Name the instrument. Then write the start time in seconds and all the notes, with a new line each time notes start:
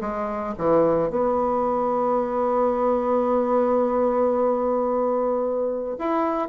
bassoon
0.00 G#3
0.57 E3
1.10 B3
5.98 E4